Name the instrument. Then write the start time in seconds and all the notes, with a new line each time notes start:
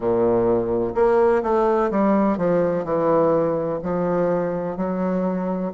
bassoon
0.00 A#2
0.94 A#3
1.42 A3
1.90 G3
2.37 F3
2.84 E3
3.82 F3
4.77 F#3